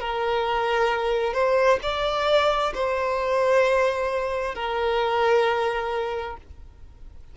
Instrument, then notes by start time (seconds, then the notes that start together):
violin
0.00 A#4
1.33 C5
1.83 D5
2.74 C5
4.55 A#4